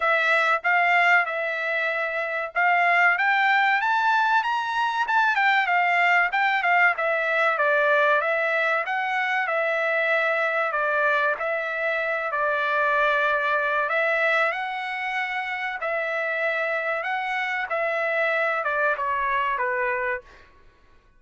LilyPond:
\new Staff \with { instrumentName = "trumpet" } { \time 4/4 \tempo 4 = 95 e''4 f''4 e''2 | f''4 g''4 a''4 ais''4 | a''8 g''8 f''4 g''8 f''8 e''4 | d''4 e''4 fis''4 e''4~ |
e''4 d''4 e''4. d''8~ | d''2 e''4 fis''4~ | fis''4 e''2 fis''4 | e''4. d''8 cis''4 b'4 | }